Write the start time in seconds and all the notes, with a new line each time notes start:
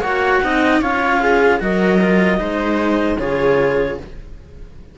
0.00 A#3 F#4 C#5 F#5
0.43 C4 D#4 D#5
0.81 C#4 F4 C#5 F5
1.20 G#4
1.60 F#3 F#4 A#4 D#5
2.01 F4
2.37 G#3 D#4 C5
3.18 C#3 F4 G#4 C#5